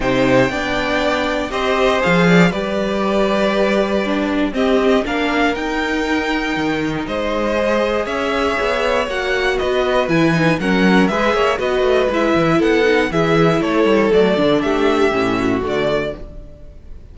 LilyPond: <<
  \new Staff \with { instrumentName = "violin" } { \time 4/4 \tempo 4 = 119 g''2. dis''4 | f''4 d''2.~ | d''4 dis''4 f''4 g''4~ | g''2 dis''2 |
e''2 fis''4 dis''4 | gis''4 fis''4 e''4 dis''4 | e''4 fis''4 e''4 cis''4 | d''4 e''2 d''4 | }
  \new Staff \with { instrumentName = "violin" } { \time 4/4 c''4 d''2 c''4~ | c''8 d''8 b'2.~ | b'4 g'4 ais'2~ | ais'2 c''2 |
cis''2. b'4~ | b'4 ais'4 b'8 cis''8 b'4~ | b'4 a'4 gis'4 a'4~ | a'4 g'4. fis'4. | }
  \new Staff \with { instrumentName = "viola" } { \time 4/4 dis'4 d'2 g'4 | gis'4 g'2. | d'4 c'4 d'4 dis'4~ | dis'2. gis'4~ |
gis'2 fis'2 | e'8 dis'8 cis'4 gis'4 fis'4 | e'4. dis'8 e'2 | a8 d'4. cis'4 a4 | }
  \new Staff \with { instrumentName = "cello" } { \time 4/4 c4 b2 c'4 | f4 g2.~ | g4 c'4 ais4 dis'4~ | dis'4 dis4 gis2 |
cis'4 b4 ais4 b4 | e4 fis4 gis8 ais8 b8 a8 | gis8 e8 b4 e4 a8 g8 | fis8 d8 a4 a,4 d4 | }
>>